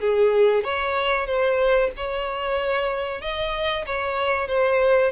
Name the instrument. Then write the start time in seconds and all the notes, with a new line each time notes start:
violin
0.00 G#4
0.64 C#5
1.26 C5
1.96 C#5
3.21 D#5
3.86 C#5
4.48 C5